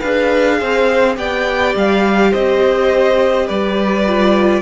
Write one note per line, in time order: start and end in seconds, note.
0.00 0.62 D4
0.00 1.16 G#4
0.00 0.58 B4
0.00 1.15 F5
0.60 1.18 C4
0.60 1.18 C5
1.16 1.75 B3
1.16 4.05 G4
1.16 2.31 D5
1.16 1.76 G5
1.76 2.33 G3
1.76 2.34 F5
2.31 3.50 C4
2.31 3.47 C5
2.31 3.49 D#5
3.47 4.62 G3
3.47 4.62 B4
3.47 4.62 D5
4.07 4.62 F4